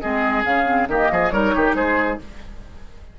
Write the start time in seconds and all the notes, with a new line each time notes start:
0.00 G#3 C4 G#4 D#5
0.45 C#3 C#4 F5
0.66 C4
0.88 D#3 A#3 G4 D#5
1.12 F3 G#4
1.31 G3 D#4 A#4 C#5
1.55 D#3 G4
1.75 G#3 G#4 C5